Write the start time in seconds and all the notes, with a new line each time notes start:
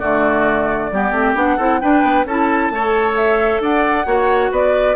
0.00 D3 A3 F#4 D5
0.92 G3 B3 G4
1.11 A3 C4
1.35 B3 D4 F#5
1.57 C4 E4 A4
1.81 D4 B4 G5
2.03 B3
2.25 C#4 E4 A4 A5
2.70 A3 A4 C#5
3.16 E5
3.60 D4 D5 F#5
4.06 A#3 F#4 C#5
4.52 B3 B4 D5